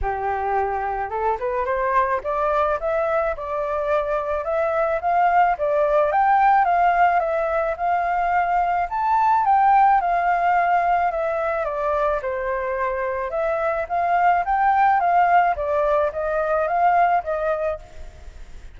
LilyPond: \new Staff \with { instrumentName = "flute" } { \time 4/4 \tempo 4 = 108 g'2 a'8 b'8 c''4 | d''4 e''4 d''2 | e''4 f''4 d''4 g''4 | f''4 e''4 f''2 |
a''4 g''4 f''2 | e''4 d''4 c''2 | e''4 f''4 g''4 f''4 | d''4 dis''4 f''4 dis''4 | }